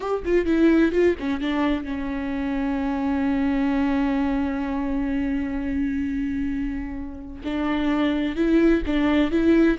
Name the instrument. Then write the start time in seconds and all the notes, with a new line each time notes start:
viola
0.00 G4
0.24 F4
0.45 E4
0.92 F4
1.19 C#4
1.40 D4
1.84 C#4
7.43 D4
8.36 E4
8.86 D4
9.31 E4